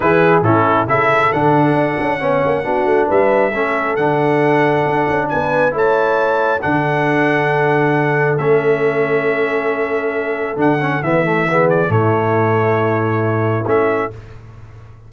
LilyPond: <<
  \new Staff \with { instrumentName = "trumpet" } { \time 4/4 \tempo 4 = 136 b'4 a'4 e''4 fis''4~ | fis''2. e''4~ | e''4 fis''2. | gis''4 a''2 fis''4~ |
fis''2. e''4~ | e''1 | fis''4 e''4. d''8 cis''4~ | cis''2. e''4 | }
  \new Staff \with { instrumentName = "horn" } { \time 4/4 gis'4 e'4 a'2~ | a'4 cis''4 fis'4 b'4 | a'1 | b'4 cis''2 a'4~ |
a'1~ | a'1~ | a'2 gis'4 e'4~ | e'1 | }
  \new Staff \with { instrumentName = "trombone" } { \time 4/4 e'4 cis'4 e'4 d'4~ | d'4 cis'4 d'2 | cis'4 d'2.~ | d'4 e'2 d'4~ |
d'2. cis'4~ | cis'1 | d'8 cis'8 b8 a8 b4 a4~ | a2. cis'4 | }
  \new Staff \with { instrumentName = "tuba" } { \time 4/4 e4 a,4 cis4 d4 | d'8 cis'8 b8 ais8 b8 a8 g4 | a4 d2 d'8 cis'8 | b4 a2 d4~ |
d2. a4~ | a1 | d4 e2 a,4~ | a,2. a4 | }
>>